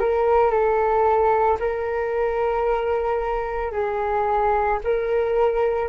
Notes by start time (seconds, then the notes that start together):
0.00 A#4
0.51 A4
1.60 A#4
3.73 G#4
4.85 A#4